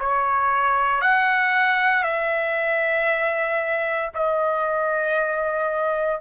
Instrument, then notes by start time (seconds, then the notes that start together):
trumpet
0.00 C#5
1.02 F#5
2.04 E5
4.15 D#5